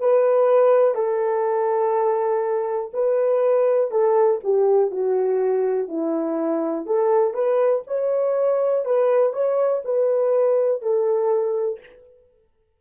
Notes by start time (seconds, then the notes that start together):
0.00 B4
0.95 A4
2.94 B4
3.91 A4
4.44 G4
4.91 F#4
5.89 E4
6.87 A4
7.34 B4
7.88 C#5
8.85 B4
9.34 C#5
9.85 B4
10.82 A4